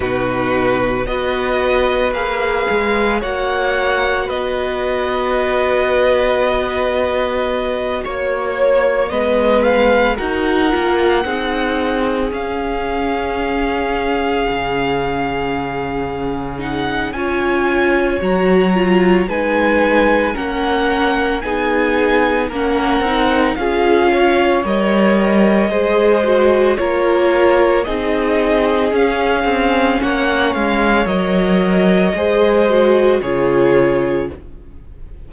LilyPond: <<
  \new Staff \with { instrumentName = "violin" } { \time 4/4 \tempo 4 = 56 b'4 dis''4 f''4 fis''4 | dis''2.~ dis''8 cis''8~ | cis''8 dis''8 f''8 fis''2 f''8~ | f''2.~ f''8 fis''8 |
gis''4 ais''4 gis''4 fis''4 | gis''4 fis''4 f''4 dis''4~ | dis''4 cis''4 dis''4 f''4 | fis''8 f''8 dis''2 cis''4 | }
  \new Staff \with { instrumentName = "violin" } { \time 4/4 fis'4 b'2 cis''4 | b'2.~ b'8 cis''8~ | cis''8 b'4 ais'4 gis'4.~ | gis'1 |
cis''2 b'4 ais'4 | gis'4 ais'4 gis'8 cis''4. | c''4 ais'4 gis'2 | cis''2 c''4 gis'4 | }
  \new Staff \with { instrumentName = "viola" } { \time 4/4 dis'4 fis'4 gis'4 fis'4~ | fis'1~ | fis'8 b4 fis'8 f'8 dis'4 cis'8~ | cis'2.~ cis'8 dis'8 |
f'4 fis'8 f'8 dis'4 cis'4 | dis'4 cis'8 dis'8 f'4 ais'4 | gis'8 fis'8 f'4 dis'4 cis'4~ | cis'4 ais'4 gis'8 fis'8 f'4 | }
  \new Staff \with { instrumentName = "cello" } { \time 4/4 b,4 b4 ais8 gis8 ais4 | b2.~ b8 ais8~ | ais8 gis4 dis'8 ais8 c'4 cis'8~ | cis'4. cis2~ cis8 |
cis'4 fis4 gis4 ais4 | b4 ais8 c'8 cis'4 g4 | gis4 ais4 c'4 cis'8 c'8 | ais8 gis8 fis4 gis4 cis4 | }
>>